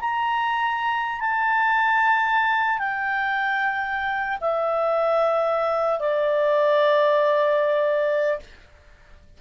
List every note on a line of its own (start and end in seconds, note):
0.00 1.20 A#5
1.20 2.79 A5
2.79 4.39 G5
4.40 5.99 E5
5.99 8.39 D5